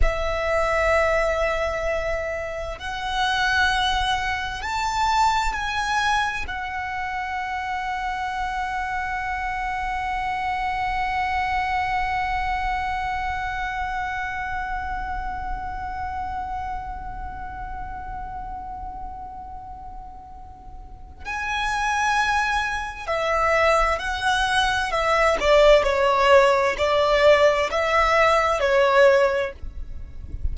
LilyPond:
\new Staff \with { instrumentName = "violin" } { \time 4/4 \tempo 4 = 65 e''2. fis''4~ | fis''4 a''4 gis''4 fis''4~ | fis''1~ | fis''1~ |
fis''1~ | fis''2. gis''4~ | gis''4 e''4 fis''4 e''8 d''8 | cis''4 d''4 e''4 cis''4 | }